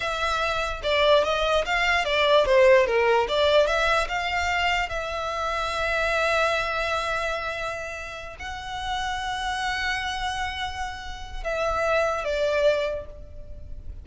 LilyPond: \new Staff \with { instrumentName = "violin" } { \time 4/4 \tempo 4 = 147 e''2 d''4 dis''4 | f''4 d''4 c''4 ais'4 | d''4 e''4 f''2 | e''1~ |
e''1~ | e''8 fis''2.~ fis''8~ | fis''1 | e''2 d''2 | }